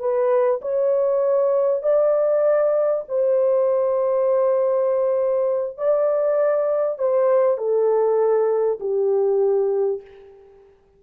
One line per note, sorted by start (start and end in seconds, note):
0.00 0.61 B4
0.62 1.83 C#5
1.83 3.04 D5
3.09 5.78 C5
5.78 6.98 D5
6.98 7.58 C5
7.58 8.79 A4
8.80 10.01 G4